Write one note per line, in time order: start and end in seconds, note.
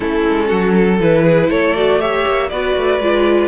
0.00 0.25 A3
0.00 0.98 C#4
0.00 0.47 E4
0.00 0.99 A4
0.28 0.51 G#3
0.47 0.99 F#3
0.47 0.72 F#4
0.74 1.23 A4
0.99 1.49 E3
0.99 1.76 E4
0.99 1.50 B4
1.23 1.48 G#4
1.49 2.24 A3
1.49 1.99 A4
1.49 1.75 C#5
1.75 1.99 F#4
1.75 2.00 D5
1.99 2.49 G4
1.99 2.49 C#5
1.99 2.49 E5
2.27 2.51 A#3
2.49 2.76 B3
2.49 3.01 F#4
2.49 3.48 B4
2.49 3.48 D5
2.76 2.99 A3
2.99 3.48 G#3
2.99 3.48 F4